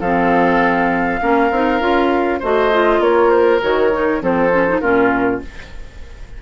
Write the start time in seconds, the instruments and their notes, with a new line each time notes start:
0.00 bassoon F3, clarinet C4, oboe A4, flute F5
1.20 bassoon A#3, clarinet C#4, oboe A#4
1.50 bassoon C4, clarinet D#4
1.80 bassoon C#4, clarinet F4
2.39 bassoon A3, clarinet F#4, oboe C5, flute D#5
2.72 clarinet F4
2.99 bassoon A#3, oboe A#4, flute C#5
3.31 flute C5
3.61 bassoon D#3, clarinet F#4, flute C#5
3.92 clarinet D#4
4.20 bassoon F3, clarinet C4, oboe A4, flute C5
4.52 clarinet C#4
4.68 clarinet D#4
4.79 bassoon A#2, clarinet C#4, oboe F4, flute A#4